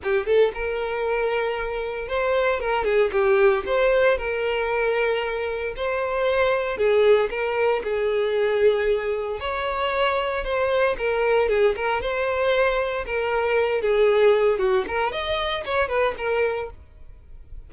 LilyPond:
\new Staff \with { instrumentName = "violin" } { \time 4/4 \tempo 4 = 115 g'8 a'8 ais'2. | c''4 ais'8 gis'8 g'4 c''4 | ais'2. c''4~ | c''4 gis'4 ais'4 gis'4~ |
gis'2 cis''2 | c''4 ais'4 gis'8 ais'8 c''4~ | c''4 ais'4. gis'4. | fis'8 ais'8 dis''4 cis''8 b'8 ais'4 | }